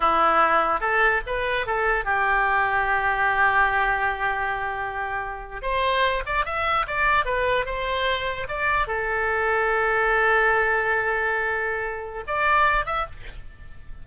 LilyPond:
\new Staff \with { instrumentName = "oboe" } { \time 4/4 \tempo 4 = 147 e'2 a'4 b'4 | a'4 g'2.~ | g'1~ | g'4.~ g'16 c''4. d''8 e''16~ |
e''8. d''4 b'4 c''4~ c''16~ | c''8. d''4 a'2~ a'16~ | a'1~ | a'2 d''4. e''8 | }